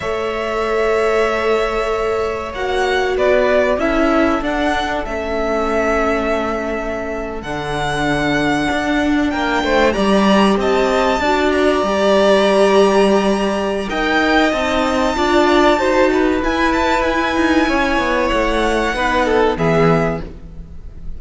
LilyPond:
<<
  \new Staff \with { instrumentName = "violin" } { \time 4/4 \tempo 4 = 95 e''1 | fis''4 d''4 e''4 fis''4 | e''2.~ e''8. fis''16~ | fis''2~ fis''8. g''4 ais''16~ |
ais''8. a''4. ais''4.~ ais''16~ | ais''2 g''4 a''4~ | a''2 gis''8 a''8 gis''4~ | gis''4 fis''2 e''4 | }
  \new Staff \with { instrumentName = "violin" } { \time 4/4 cis''1~ | cis''4 b'4 a'2~ | a'1~ | a'2~ a'8. ais'8 c''8 d''16~ |
d''8. dis''4 d''2~ d''16~ | d''2 dis''2 | d''4 c''8 b'2~ b'8 | cis''2 b'8 a'8 gis'4 | }
  \new Staff \with { instrumentName = "viola" } { \time 4/4 a'1 | fis'2 e'4 d'4 | cis'2.~ cis'8. d'16~ | d'2.~ d'8. g'16~ |
g'4.~ g'16 fis'4 g'4~ g'16~ | g'2 ais'4 dis'4 | f'4 fis'4 e'2~ | e'2 dis'4 b4 | }
  \new Staff \with { instrumentName = "cello" } { \time 4/4 a1 | ais4 b4 cis'4 d'4 | a2.~ a8. d16~ | d4.~ d16 d'4 ais8 a8 g16~ |
g8. c'4 d'4 g4~ g16~ | g2 dis'4 c'4 | d'4 dis'4 e'4. dis'8 | cis'8 b8 a4 b4 e4 | }
>>